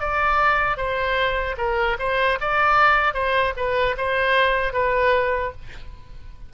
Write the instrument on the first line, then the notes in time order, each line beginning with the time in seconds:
oboe
0.00 D5
0.77 C5
1.58 A#4
2.00 C5
2.41 D5
3.14 C5
3.57 B4
3.98 C5
4.73 B4